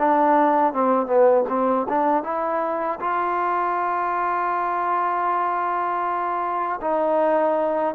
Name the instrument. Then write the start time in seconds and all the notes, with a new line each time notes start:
trombone
0.00 D4
0.74 C4
1.07 B3
1.49 C4
1.89 D4
2.24 E4
3.01 F4
6.82 D#4